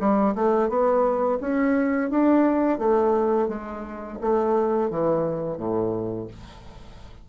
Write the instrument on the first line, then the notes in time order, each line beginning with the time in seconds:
bassoon
0.00 G3
0.35 A3
0.69 B3
1.41 C#4
2.11 D4
2.79 A3
3.49 G#3
4.21 A3
4.90 E3
5.58 A2